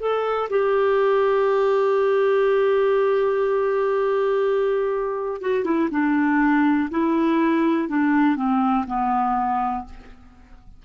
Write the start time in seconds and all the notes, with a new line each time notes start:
0.00 A4
0.50 G4
5.41 F#4
5.64 E4
5.91 D4
6.90 E4
7.89 D4
8.37 C4
8.87 B3